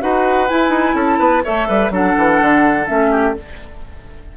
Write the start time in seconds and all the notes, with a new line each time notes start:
0.00 D#4 F#4 B4 F#5
0.49 E4 G#5
0.69 D#4
0.95 C#4 A4 A5
1.19 B3 B4
1.43 A3 A4 C#5 E5
1.68 G3 B4
1.91 F#3 D4 A4 F#5
2.18 E3
2.41 D3
2.87 A3 C#4 E5
3.11 G4